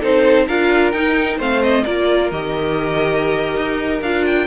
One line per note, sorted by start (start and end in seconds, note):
0.00 0.48 C4
0.00 0.48 D#4
0.00 0.46 A4
0.00 0.48 C5
0.47 0.94 D4
0.47 0.94 F4
0.47 1.38 A#4
0.47 0.92 F5
0.92 1.39 D#4
0.92 1.40 D#4
0.92 1.38 G5
1.38 1.85 A3
1.38 1.86 C4
1.38 1.84 C5
1.38 1.63 F5
1.63 1.85 D#5
1.85 2.32 A#3
1.85 2.33 F4
1.85 4.47 A#4
1.85 2.31 D5
2.31 3.56 D#3
2.31 4.04 G4
2.31 4.02 D#5
3.56 4.02 D#4
4.02 4.47 D4
4.02 4.47 F4
4.02 4.25 F5
4.26 4.47 G5